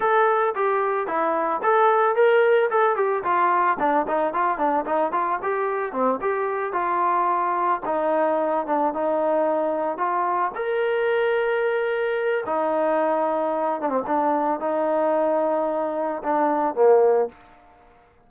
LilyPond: \new Staff \with { instrumentName = "trombone" } { \time 4/4 \tempo 4 = 111 a'4 g'4 e'4 a'4 | ais'4 a'8 g'8 f'4 d'8 dis'8 | f'8 d'8 dis'8 f'8 g'4 c'8 g'8~ | g'8 f'2 dis'4. |
d'8 dis'2 f'4 ais'8~ | ais'2. dis'4~ | dis'4. d'16 c'16 d'4 dis'4~ | dis'2 d'4 ais4 | }